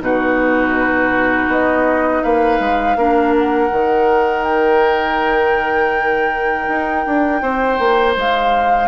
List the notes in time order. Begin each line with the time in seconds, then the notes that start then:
0.00 B2 D#4 F#4 B4
1.48 B3 D#5
2.23 A#3 B4 F5
2.60 G#3
2.96 A#3 D4 A#4
3.38 F#5
3.71 D#3 D#4
4.44 G5
6.68 D#4
7.06 D4
7.42 C4 C5
7.79 A#3
8.16 G#3 F5